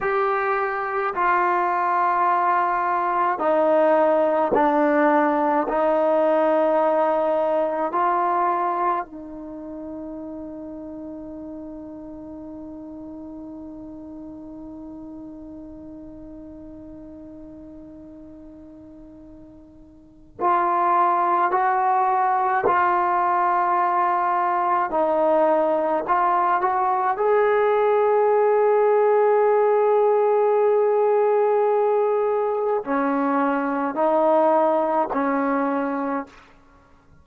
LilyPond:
\new Staff \with { instrumentName = "trombone" } { \time 4/4 \tempo 4 = 53 g'4 f'2 dis'4 | d'4 dis'2 f'4 | dis'1~ | dis'1~ |
dis'2 f'4 fis'4 | f'2 dis'4 f'8 fis'8 | gis'1~ | gis'4 cis'4 dis'4 cis'4 | }